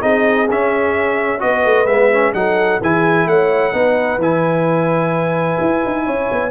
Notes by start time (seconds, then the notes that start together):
0.00 C4 D#4 G#4 D#5
0.49 C#4 E5
1.39 B3 F#4 B4 D#5
1.65 A3
1.86 G#3 B3 E5
2.12 C#4
2.33 F#3 D#4 A4 F#5
2.80 E3 E4 G#4 G#5
3.26 A3 C#5 F#5
3.72 B3 D#4 B4
4.17 E3 E4 G#5
5.60 E4
5.85 D#4
6.05 C#4 C#5
6.31 B3